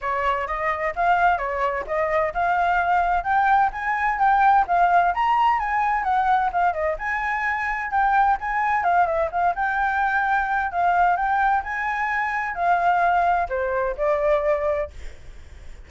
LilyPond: \new Staff \with { instrumentName = "flute" } { \time 4/4 \tempo 4 = 129 cis''4 dis''4 f''4 cis''4 | dis''4 f''2 g''4 | gis''4 g''4 f''4 ais''4 | gis''4 fis''4 f''8 dis''8 gis''4~ |
gis''4 g''4 gis''4 f''8 e''8 | f''8 g''2~ g''8 f''4 | g''4 gis''2 f''4~ | f''4 c''4 d''2 | }